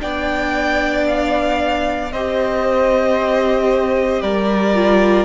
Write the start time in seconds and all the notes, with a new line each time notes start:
0.00 B3 D4 D5 G5
1.08 F5
2.13 C4 G4 C5 D#5
4.22 G3 A#4 D5
4.75 F4